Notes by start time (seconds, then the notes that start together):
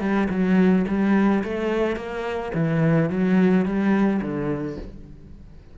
0.00 G3
0.30 F#3
0.88 G3
1.44 A3
1.96 A#3
2.54 E3
3.10 F#3
3.65 G3
4.21 D3